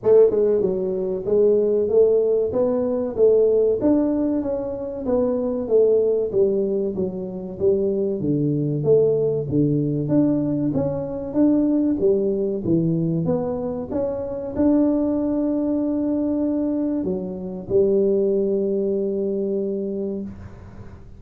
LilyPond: \new Staff \with { instrumentName = "tuba" } { \time 4/4 \tempo 4 = 95 a8 gis8 fis4 gis4 a4 | b4 a4 d'4 cis'4 | b4 a4 g4 fis4 | g4 d4 a4 d4 |
d'4 cis'4 d'4 g4 | e4 b4 cis'4 d'4~ | d'2. fis4 | g1 | }